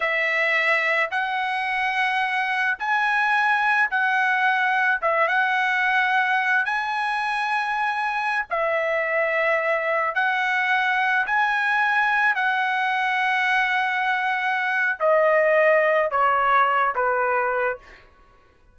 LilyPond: \new Staff \with { instrumentName = "trumpet" } { \time 4/4 \tempo 4 = 108 e''2 fis''2~ | fis''4 gis''2 fis''4~ | fis''4 e''8 fis''2~ fis''8 | gis''2.~ gis''16 e''8.~ |
e''2~ e''16 fis''4.~ fis''16~ | fis''16 gis''2 fis''4.~ fis''16~ | fis''2. dis''4~ | dis''4 cis''4. b'4. | }